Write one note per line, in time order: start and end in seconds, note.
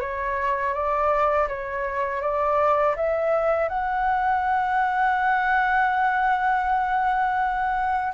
0.00 0.73 C#5
0.73 1.47 D5
1.48 2.21 C#5
2.21 2.95 D5
2.96 3.68 E5
3.68 8.13 F#5